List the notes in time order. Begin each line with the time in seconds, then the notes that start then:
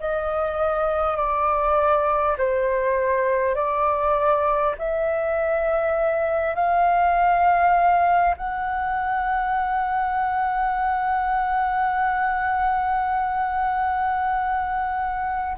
0.00 D#5
1.17 D5
2.37 C5
3.55 D5
4.78 E5
6.55 F5
8.37 F#5